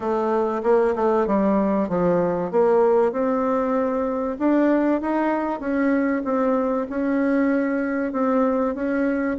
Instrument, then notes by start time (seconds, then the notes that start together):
bassoon
0.00 A3
0.63 A#3
0.95 A3
1.26 G3
1.88 F3
2.51 A#3
3.12 C4
4.39 D4
5.01 D#4
5.59 C#4
6.24 C4
6.89 C#4
8.12 C4
8.74 C#4